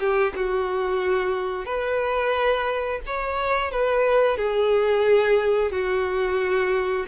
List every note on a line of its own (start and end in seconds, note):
0.00 0.34 G4
0.36 1.65 F#4
1.65 3.00 B4
3.06 3.71 C#5
3.71 4.37 B4
4.37 5.72 G#4
5.72 7.06 F#4